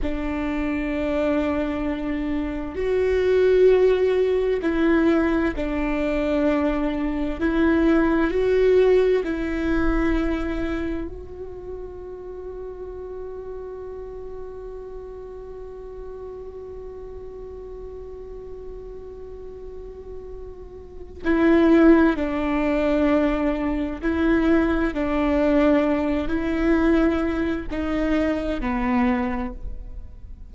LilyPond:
\new Staff \with { instrumentName = "viola" } { \time 4/4 \tempo 4 = 65 d'2. fis'4~ | fis'4 e'4 d'2 | e'4 fis'4 e'2 | fis'1~ |
fis'1~ | fis'2. e'4 | d'2 e'4 d'4~ | d'8 e'4. dis'4 b4 | }